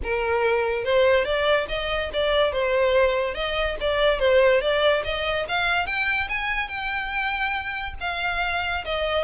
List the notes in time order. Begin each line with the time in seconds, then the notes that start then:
0.03 A#4
0.84 C5
1.25 D5
1.68 D#5
2.13 D5
2.52 C5
3.34 D#5
3.80 D5
4.19 C5
4.61 D5
5.04 D#5
5.48 F5
5.86 G5
6.28 G#5
6.68 G5
8.00 F5
8.85 D#5